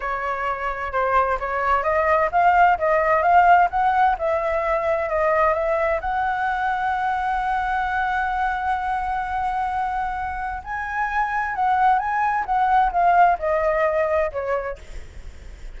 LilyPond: \new Staff \with { instrumentName = "flute" } { \time 4/4 \tempo 4 = 130 cis''2 c''4 cis''4 | dis''4 f''4 dis''4 f''4 | fis''4 e''2 dis''4 | e''4 fis''2.~ |
fis''1~ | fis''2. gis''4~ | gis''4 fis''4 gis''4 fis''4 | f''4 dis''2 cis''4 | }